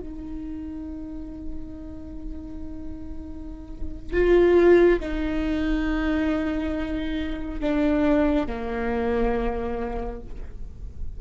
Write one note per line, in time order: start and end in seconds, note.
0.00 4.13 D#4
4.13 5.00 F4
5.00 7.60 D#4
7.60 8.47 D4
8.47 10.21 A#3